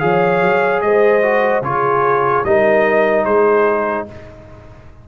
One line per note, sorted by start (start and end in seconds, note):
0.00 0.42 F3
0.00 1.22 G#4
0.00 0.84 C#5
0.00 0.81 F5
0.42 0.82 F#3
0.82 1.61 G#3
0.82 1.66 C5
0.82 1.63 D#5
1.22 1.63 F#4
1.61 2.42 C#3
1.61 2.45 F4
1.61 2.47 G#4
1.61 2.45 C#5
2.44 3.25 G3
2.44 4.08 D#4
2.44 3.26 A#4
2.44 3.25 D#5
3.25 4.06 G#3
3.25 4.07 G#4
3.25 4.06 C5